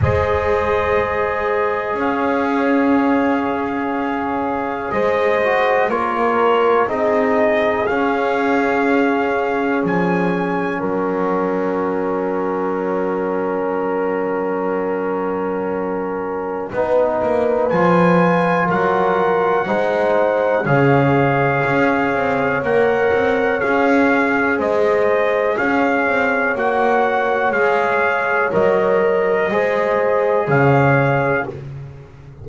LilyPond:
<<
  \new Staff \with { instrumentName = "trumpet" } { \time 4/4 \tempo 4 = 61 dis''2 f''2~ | f''4 dis''4 cis''4 dis''4 | f''2 gis''4 fis''4~ | fis''1~ |
fis''2 gis''4 fis''4~ | fis''4 f''2 fis''4 | f''4 dis''4 f''4 fis''4 | f''4 dis''2 f''4 | }
  \new Staff \with { instrumentName = "horn" } { \time 4/4 c''2 cis''2~ | cis''4 c''4 ais'4 gis'4~ | gis'2. ais'4~ | ais'1~ |
ais'4 b'2 ais'4 | c''4 cis''2.~ | cis''4 c''4 cis''2~ | cis''2 c''4 cis''4 | }
  \new Staff \with { instrumentName = "trombone" } { \time 4/4 gis'1~ | gis'4. fis'8 f'4 dis'4 | cis'1~ | cis'1~ |
cis'4 dis'4 f'2 | dis'4 gis'2 ais'4 | gis'2. fis'4 | gis'4 ais'4 gis'2 | }
  \new Staff \with { instrumentName = "double bass" } { \time 4/4 gis2 cis'2~ | cis'4 gis4 ais4 c'4 | cis'2 f4 fis4~ | fis1~ |
fis4 b8 ais8 f4 fis4 | gis4 cis4 cis'8 c'8 ais8 c'8 | cis'4 gis4 cis'8 c'8 ais4 | gis4 fis4 gis4 cis4 | }
>>